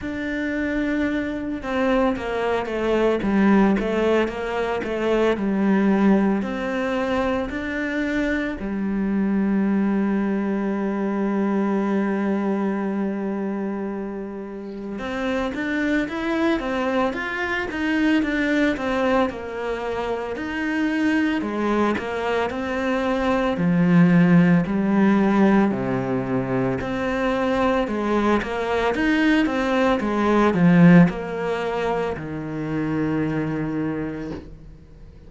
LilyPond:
\new Staff \with { instrumentName = "cello" } { \time 4/4 \tempo 4 = 56 d'4. c'8 ais8 a8 g8 a8 | ais8 a8 g4 c'4 d'4 | g1~ | g2 c'8 d'8 e'8 c'8 |
f'8 dis'8 d'8 c'8 ais4 dis'4 | gis8 ais8 c'4 f4 g4 | c4 c'4 gis8 ais8 dis'8 c'8 | gis8 f8 ais4 dis2 | }